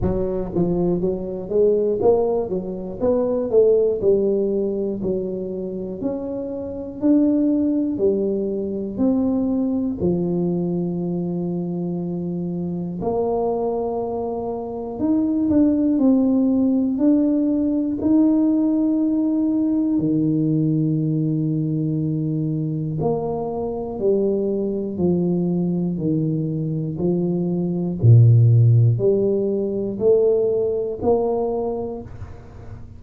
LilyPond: \new Staff \with { instrumentName = "tuba" } { \time 4/4 \tempo 4 = 60 fis8 f8 fis8 gis8 ais8 fis8 b8 a8 | g4 fis4 cis'4 d'4 | g4 c'4 f2~ | f4 ais2 dis'8 d'8 |
c'4 d'4 dis'2 | dis2. ais4 | g4 f4 dis4 f4 | ais,4 g4 a4 ais4 | }